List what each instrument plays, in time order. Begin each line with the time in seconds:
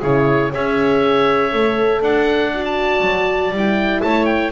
0.00 double bass C#3, horn E4, clarinet G#4, oboe C#5
0.52 double bass C#4, horn G#4, clarinet C#5, oboe E5
1.52 double bass A3, horn A4
2.02 double bass D4, clarinet D5, oboe F#5
2.54 horn F#4
2.65 oboe A5
3.01 double bass F#3
3.51 double bass G3, horn E4
3.58 oboe G5
4.02 double bass A3, clarinet C#5, oboe A5
4.26 oboe G5